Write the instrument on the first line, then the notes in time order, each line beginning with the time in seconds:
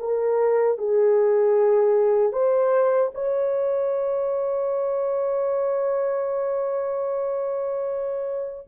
horn
0.00 A#4
0.79 G#4
2.33 C5
3.15 C#5